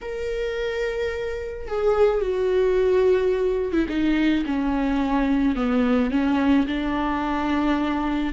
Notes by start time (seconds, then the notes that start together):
0.01 A#4
1.67 G#4
2.21 F#4
3.72 E4
3.88 D#4
4.45 C#4
5.55 B3
6.10 C#4
6.66 D4